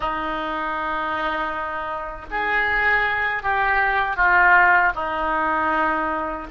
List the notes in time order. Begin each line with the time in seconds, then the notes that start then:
0.00 D#4
2.31 G#4
3.42 G4
4.16 F4
4.95 D#4